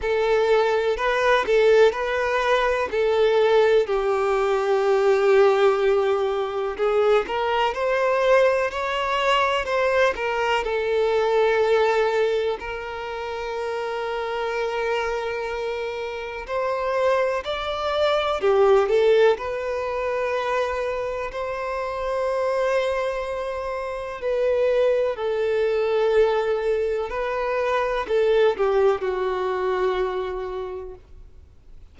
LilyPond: \new Staff \with { instrumentName = "violin" } { \time 4/4 \tempo 4 = 62 a'4 b'8 a'8 b'4 a'4 | g'2. gis'8 ais'8 | c''4 cis''4 c''8 ais'8 a'4~ | a'4 ais'2.~ |
ais'4 c''4 d''4 g'8 a'8 | b'2 c''2~ | c''4 b'4 a'2 | b'4 a'8 g'8 fis'2 | }